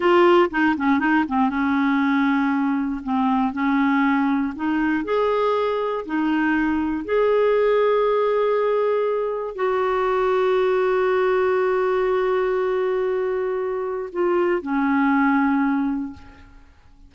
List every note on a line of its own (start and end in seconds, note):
0.00 0.50 F4
0.50 0.75 D#4
0.77 0.99 C#4
0.99 1.24 D#4
1.28 1.49 C4
1.49 3.01 C#4
3.03 3.52 C4
3.52 4.53 C#4
4.55 5.04 D#4
5.04 6.05 G#4
6.05 7.05 D#4
7.05 9.55 G#4
9.55 14.09 F#4
14.12 14.62 F4
14.62 16.13 C#4